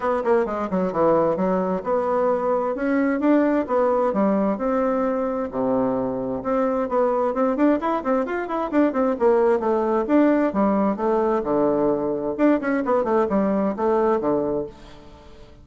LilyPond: \new Staff \with { instrumentName = "bassoon" } { \time 4/4 \tempo 4 = 131 b8 ais8 gis8 fis8 e4 fis4 | b2 cis'4 d'4 | b4 g4 c'2 | c2 c'4 b4 |
c'8 d'8 e'8 c'8 f'8 e'8 d'8 c'8 | ais4 a4 d'4 g4 | a4 d2 d'8 cis'8 | b8 a8 g4 a4 d4 | }